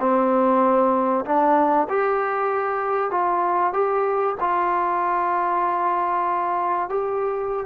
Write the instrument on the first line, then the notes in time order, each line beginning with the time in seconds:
trombone
0.00 C4
1.26 D4
1.89 G4
3.11 F4
3.73 G4
4.40 F4
6.89 G4